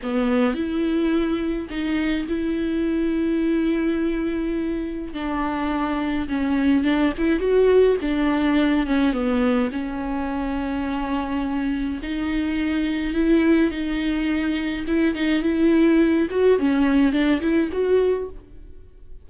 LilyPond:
\new Staff \with { instrumentName = "viola" } { \time 4/4 \tempo 4 = 105 b4 e'2 dis'4 | e'1~ | e'4 d'2 cis'4 | d'8 e'8 fis'4 d'4. cis'8 |
b4 cis'2.~ | cis'4 dis'2 e'4 | dis'2 e'8 dis'8 e'4~ | e'8 fis'8 cis'4 d'8 e'8 fis'4 | }